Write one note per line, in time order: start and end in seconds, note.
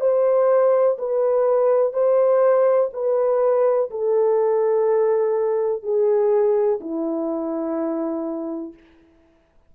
0.00 0.97 C5
0.98 1.93 B4
1.93 2.89 C5
2.93 3.89 B4
3.90 5.82 A4
5.82 6.79 G#4
6.80 8.73 E4